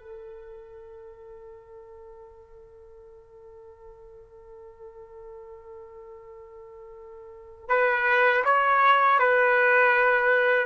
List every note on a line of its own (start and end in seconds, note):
0.00 7.69 A4
7.69 8.44 B4
8.45 9.19 C#5
9.19 10.66 B4